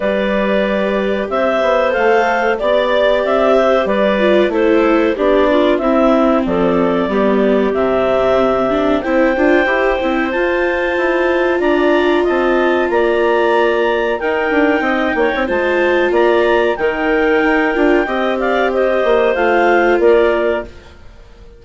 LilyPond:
<<
  \new Staff \with { instrumentName = "clarinet" } { \time 4/4 \tempo 4 = 93 d''2 e''4 f''4 | d''4 e''4 d''4 c''4 | d''4 e''4 d''2 | e''2 g''2 |
a''2 ais''4 a''4 | ais''2 g''2 | a''4 ais''4 g''2~ | g''8 f''8 dis''4 f''4 d''4 | }
  \new Staff \with { instrumentName = "clarinet" } { \time 4/4 b'2 c''2 | d''4. c''8 b'4 a'4 | g'8 f'8 e'4 a'4 g'4~ | g'2 c''2~ |
c''2 d''4 dis''4 | d''2 ais'4 dis''8 cis''8 | c''4 d''4 ais'2 | dis''8 d''8 c''2 ais'4 | }
  \new Staff \with { instrumentName = "viola" } { \time 4/4 g'2. a'4 | g'2~ g'8 f'8 e'4 | d'4 c'2 b4 | c'4. d'8 e'8 f'8 g'8 e'8 |
f'1~ | f'2 dis'2 | f'2 dis'4. f'8 | g'2 f'2 | }
  \new Staff \with { instrumentName = "bassoon" } { \time 4/4 g2 c'8 b8 a4 | b4 c'4 g4 a4 | b4 c'4 f4 g4 | c2 c'8 d'8 e'8 c'8 |
f'4 e'4 d'4 c'4 | ais2 dis'8 d'8 c'8 ais16 c'16 | gis4 ais4 dis4 dis'8 d'8 | c'4. ais8 a4 ais4 | }
>>